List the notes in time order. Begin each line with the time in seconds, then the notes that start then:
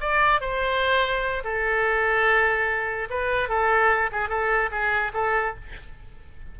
0.00 D5
0.40 C5
1.43 A4
3.10 B4
3.48 A4
4.12 G#4
4.29 A4
4.71 G#4
5.13 A4